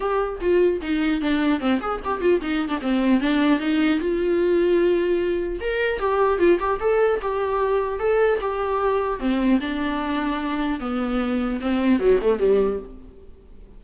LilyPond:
\new Staff \with { instrumentName = "viola" } { \time 4/4 \tempo 4 = 150 g'4 f'4 dis'4 d'4 | c'8 gis'8 g'8 f'8 dis'8. d'16 c'4 | d'4 dis'4 f'2~ | f'2 ais'4 g'4 |
f'8 g'8 a'4 g'2 | a'4 g'2 c'4 | d'2. b4~ | b4 c'4 fis8 a8 g4 | }